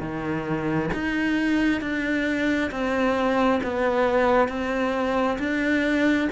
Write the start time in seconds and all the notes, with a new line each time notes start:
0.00 D#3
0.94 D#4
1.82 D4
2.72 C4
3.63 B3
4.48 C4
5.39 D4